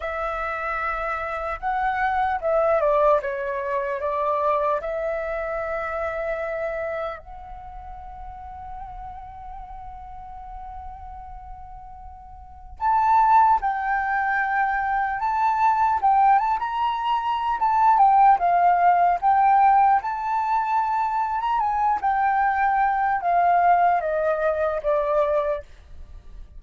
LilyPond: \new Staff \with { instrumentName = "flute" } { \time 4/4 \tempo 4 = 75 e''2 fis''4 e''8 d''8 | cis''4 d''4 e''2~ | e''4 fis''2.~ | fis''1 |
a''4 g''2 a''4 | g''8 a''16 ais''4~ ais''16 a''8 g''8 f''4 | g''4 a''4.~ a''16 ais''16 gis''8 g''8~ | g''4 f''4 dis''4 d''4 | }